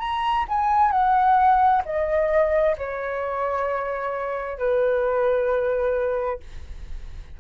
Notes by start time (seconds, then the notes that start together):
0.00 A#5
0.49 G#5
0.92 F#5
1.86 D#5
2.78 C#5
4.59 B4